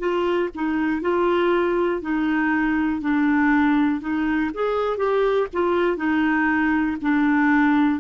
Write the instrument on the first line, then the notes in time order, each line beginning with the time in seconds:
clarinet
0.00 F4
0.55 D#4
1.02 F4
2.02 D#4
3.01 D4
4.01 D#4
4.55 G#4
4.98 G4
5.54 F4
5.97 D#4
7.02 D4